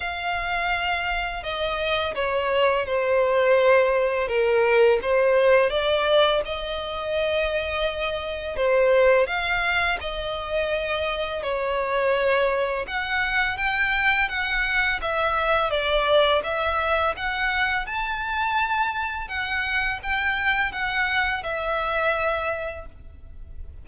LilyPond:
\new Staff \with { instrumentName = "violin" } { \time 4/4 \tempo 4 = 84 f''2 dis''4 cis''4 | c''2 ais'4 c''4 | d''4 dis''2. | c''4 f''4 dis''2 |
cis''2 fis''4 g''4 | fis''4 e''4 d''4 e''4 | fis''4 a''2 fis''4 | g''4 fis''4 e''2 | }